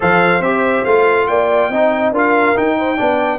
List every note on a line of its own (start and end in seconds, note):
0.00 0.40 F3
0.00 0.41 A4
0.00 1.28 C5
0.00 0.42 F5
0.40 0.82 C4
0.40 0.86 G4
0.40 0.84 E5
0.84 1.27 A3
0.84 1.72 F4
0.84 1.27 F5
1.27 1.69 A#3
1.27 1.71 D5
1.27 2.12 G5
1.69 2.11 C4
1.69 2.14 D#4
1.69 2.13 D#5
2.11 2.54 D4
2.11 2.55 F4
2.11 2.76 A#4
2.11 2.57 F5
2.55 2.97 D#4
2.55 3.00 D#4
2.55 3.38 G5
2.77 2.97 C5
2.97 3.38 B3
2.97 3.38 D4
2.97 3.38 D5